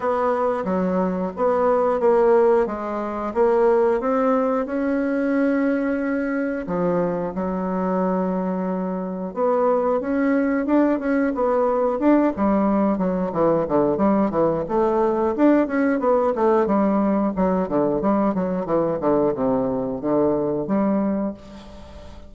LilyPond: \new Staff \with { instrumentName = "bassoon" } { \time 4/4 \tempo 4 = 90 b4 fis4 b4 ais4 | gis4 ais4 c'4 cis'4~ | cis'2 f4 fis4~ | fis2 b4 cis'4 |
d'8 cis'8 b4 d'8 g4 fis8 | e8 d8 g8 e8 a4 d'8 cis'8 | b8 a8 g4 fis8 d8 g8 fis8 | e8 d8 c4 d4 g4 | }